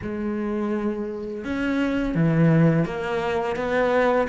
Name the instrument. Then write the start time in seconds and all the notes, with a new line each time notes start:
cello
0.02 G#3
1.44 C#4
2.14 E3
2.85 A#3
3.56 B3